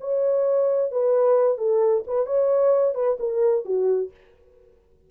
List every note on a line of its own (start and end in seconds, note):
0.00 0.91 C#5
0.91 1.58 B4
1.58 2.04 A4
2.07 2.26 B4
2.26 2.94 C#5
2.94 3.17 B4
3.19 3.65 A#4
3.65 4.11 F#4